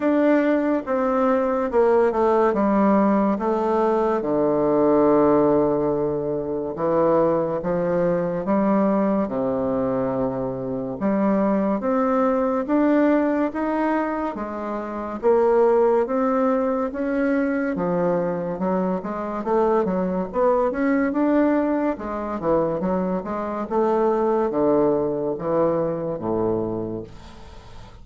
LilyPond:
\new Staff \with { instrumentName = "bassoon" } { \time 4/4 \tempo 4 = 71 d'4 c'4 ais8 a8 g4 | a4 d2. | e4 f4 g4 c4~ | c4 g4 c'4 d'4 |
dis'4 gis4 ais4 c'4 | cis'4 f4 fis8 gis8 a8 fis8 | b8 cis'8 d'4 gis8 e8 fis8 gis8 | a4 d4 e4 a,4 | }